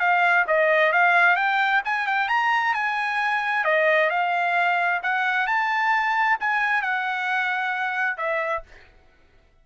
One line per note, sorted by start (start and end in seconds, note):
0.00 0.45 F5
0.47 0.93 D#5
0.93 1.37 F5
1.37 1.82 G5
1.85 2.07 G#5
2.07 2.29 G5
2.29 2.74 A#5
2.74 3.65 G#5
3.65 4.10 D#5
4.10 5.01 F5
5.03 5.47 F#5
5.47 6.38 A5
6.40 6.82 G#5
6.82 8.18 F#5
8.18 8.63 E5